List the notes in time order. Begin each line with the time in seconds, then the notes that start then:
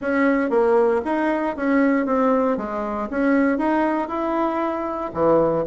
0.01 C#4
0.49 A#3
1.04 D#4
1.56 C#4
2.06 C4
2.57 G#3
3.10 C#4
3.58 D#4
4.08 E4
5.13 E3